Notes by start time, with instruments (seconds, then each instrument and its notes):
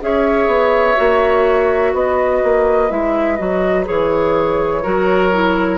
0.00 bassoon C#4, clarinet G#4, oboe C#5, flute E5
0.47 bassoon B3
0.95 bassoon A#3, clarinet F#4
1.93 bassoon B3, oboe B4, flute D#5
2.43 bassoon A#3
2.89 bassoon G#3, clarinet E4, flute E5
3.36 bassoon F#3, clarinet F#4, flute D#5
3.85 bassoon E3, clarinet G#4, flute C#5
4.82 bassoon F#3, clarinet F#4, oboe A#4
5.32 clarinet E4